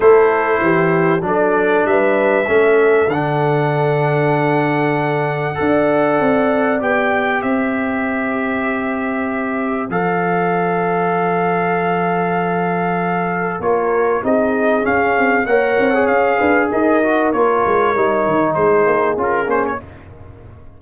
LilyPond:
<<
  \new Staff \with { instrumentName = "trumpet" } { \time 4/4 \tempo 4 = 97 c''2 d''4 e''4~ | e''4 fis''2.~ | fis''2. g''4 | e''1 |
f''1~ | f''2 cis''4 dis''4 | f''4 fis''4 f''4 dis''4 | cis''2 c''4 ais'8 c''16 cis''16 | }
  \new Staff \with { instrumentName = "horn" } { \time 4/4 a'4 g'4 a'4 b'4 | a'1~ | a'4 d''2. | c''1~ |
c''1~ | c''2 ais'4 gis'4~ | gis'4 cis''4. b'8 ais'4~ | ais'2 gis'2 | }
  \new Staff \with { instrumentName = "trombone" } { \time 4/4 e'2 d'2 | cis'4 d'2.~ | d'4 a'2 g'4~ | g'1 |
a'1~ | a'2 f'4 dis'4 | cis'4 ais'8. gis'4.~ gis'16 fis'8 | f'4 dis'2 f'8 cis'8 | }
  \new Staff \with { instrumentName = "tuba" } { \time 4/4 a4 e4 fis4 g4 | a4 d2.~ | d4 d'4 c'4 b4 | c'1 |
f1~ | f2 ais4 c'4 | cis'8 c'8 ais8 c'8 cis'8 d'8 dis'4 | ais8 gis8 g8 dis8 gis8 ais8 cis'8 ais8 | }
>>